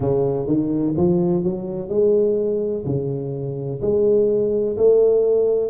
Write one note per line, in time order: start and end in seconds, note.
0.00 0.46 C#3
0.46 0.94 D#3
0.96 1.43 F3
1.43 1.88 F#3
1.88 2.84 G#3
2.85 3.81 C#3
3.81 4.77 G#3
4.77 5.69 A3